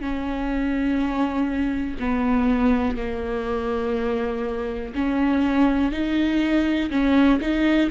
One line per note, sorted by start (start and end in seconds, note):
0.00 1.97 C#4
1.99 2.97 B3
2.97 4.94 A#3
4.94 5.92 C#4
5.92 6.90 D#4
6.90 7.39 C#4
7.40 7.90 D#4